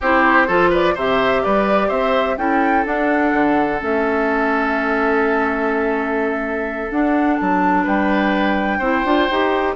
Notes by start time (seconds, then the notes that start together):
0.00 C4 E4 G4 C5
0.47 F3 F4 A4
0.70 B4 D5
0.94 C3 G4 C5 E5
1.43 G3 B4 D5
1.88 C4 C5 E5
2.37 C#4 E4 A4 G5
2.85 D4 F#5
3.33 D3
3.79 A3 C#4 E5
6.90 D4 F#5
7.36 F#3 A5
7.83 G3 B4 G5
8.78 C4 E4 C5
9.04 D4 F4
9.30 D#4 G4